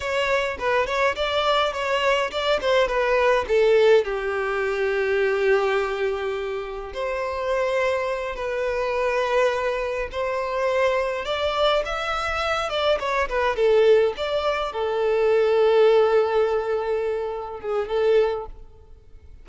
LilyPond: \new Staff \with { instrumentName = "violin" } { \time 4/4 \tempo 4 = 104 cis''4 b'8 cis''8 d''4 cis''4 | d''8 c''8 b'4 a'4 g'4~ | g'1 | c''2~ c''8 b'4.~ |
b'4. c''2 d''8~ | d''8 e''4. d''8 cis''8 b'8 a'8~ | a'8 d''4 a'2~ a'8~ | a'2~ a'8 gis'8 a'4 | }